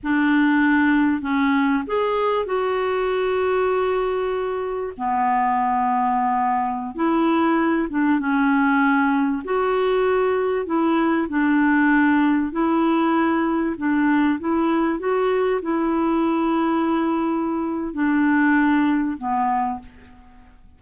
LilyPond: \new Staff \with { instrumentName = "clarinet" } { \time 4/4 \tempo 4 = 97 d'2 cis'4 gis'4 | fis'1 | b2.~ b16 e'8.~ | e'8. d'8 cis'2 fis'8.~ |
fis'4~ fis'16 e'4 d'4.~ d'16~ | d'16 e'2 d'4 e'8.~ | e'16 fis'4 e'2~ e'8.~ | e'4 d'2 b4 | }